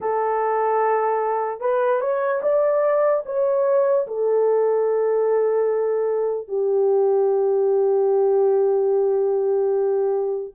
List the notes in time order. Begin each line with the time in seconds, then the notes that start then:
0.00 A4
1.60 B4
2.00 C#5
2.42 D5
3.25 C#5
4.07 A4
6.48 G4